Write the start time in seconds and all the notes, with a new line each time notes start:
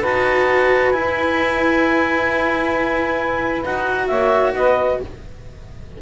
0.00 D#4 F#4 B4 A5
0.92 E4 G#5
3.64 D#4 F#4 F#5
4.07 A#3 C#5 E5
4.54 B3 B4 D#5